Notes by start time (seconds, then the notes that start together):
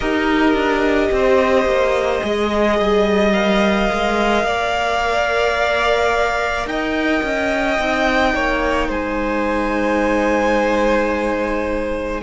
0.00 D#4 G4 A#4 D#5
0.53 D4
1.11 C4 C5
1.65 A#3
2.22 G#3 G#4 D#5
2.79 G3
3.32 A#4 F5
3.91 G#3
4.44 A#3 D5
6.65 D#4 D#5 G5
7.22 C#4
7.77 C4 D#4
8.34 A#3 C#5
8.87 G#3 C5 G#5